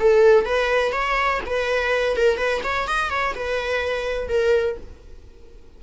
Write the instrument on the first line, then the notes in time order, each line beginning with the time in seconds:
viola
0.00 A4
0.46 B4
0.93 C#5
1.46 B4
2.17 A#4
2.38 B4
2.64 C#5
2.88 D#5
3.10 C#5
3.36 B4
4.29 A#4